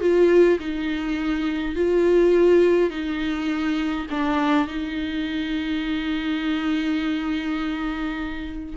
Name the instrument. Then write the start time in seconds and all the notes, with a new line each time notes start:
viola
0.00 F4
0.59 D#4
1.75 F4
2.90 D#4
4.10 D4
4.67 D#4